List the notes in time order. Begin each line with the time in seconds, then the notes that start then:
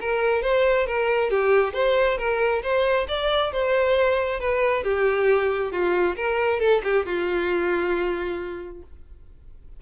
0.00 A#4
0.42 C5
0.86 A#4
1.30 G4
1.73 C5
2.18 A#4
2.62 C5
3.08 D5
3.52 C5
4.39 B4
4.83 G4
5.72 F4
6.16 A#4
6.59 A4
6.83 G4
7.05 F4